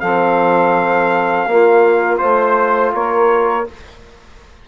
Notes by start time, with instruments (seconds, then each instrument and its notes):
0.00 bassoon F3, trombone C4, saxophone A4, trumpet F5
1.47 bassoon A#3, trombone A#3, saxophone F4
2.18 bassoon A3, trombone F4, trumpet C5, saxophone C5
2.94 bassoon A#3, saxophone A#4, trumpet C#5